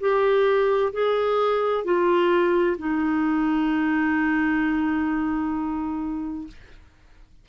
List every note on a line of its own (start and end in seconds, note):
0.00 0.92 G4
0.93 1.84 G#4
1.84 2.77 F4
2.78 6.47 D#4